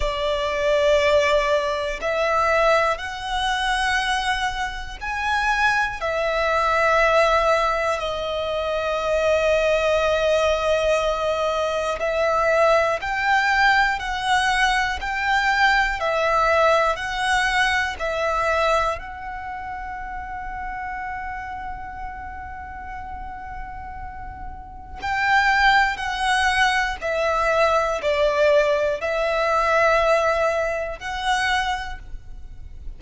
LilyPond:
\new Staff \with { instrumentName = "violin" } { \time 4/4 \tempo 4 = 60 d''2 e''4 fis''4~ | fis''4 gis''4 e''2 | dis''1 | e''4 g''4 fis''4 g''4 |
e''4 fis''4 e''4 fis''4~ | fis''1~ | fis''4 g''4 fis''4 e''4 | d''4 e''2 fis''4 | }